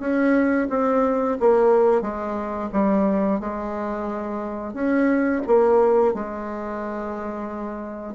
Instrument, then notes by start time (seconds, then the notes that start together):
bassoon
0.00 C#4
0.70 C4
1.40 A#3
2.02 G#3
2.73 G3
3.40 G#3
4.74 C#4
5.47 A#3
6.14 G#3